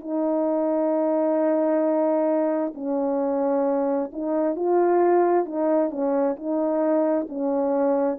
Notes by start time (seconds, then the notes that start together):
0.00 D#4
2.74 C#4
4.12 D#4
4.56 F4
5.45 D#4
5.90 C#4
6.36 D#4
7.29 C#4